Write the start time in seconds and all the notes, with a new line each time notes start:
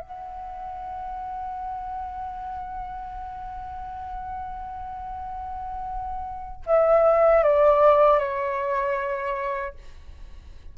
0.00 F#5
6.66 E5
7.43 D5
8.19 C#5